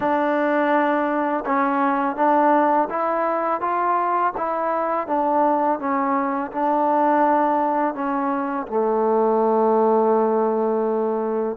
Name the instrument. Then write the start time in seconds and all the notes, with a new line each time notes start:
trombone
0.00 D4
1.45 C#4
2.16 D4
2.89 E4
3.60 F4
4.37 E4
5.07 D4
5.79 C#4
6.51 D4
7.94 C#4
8.67 A3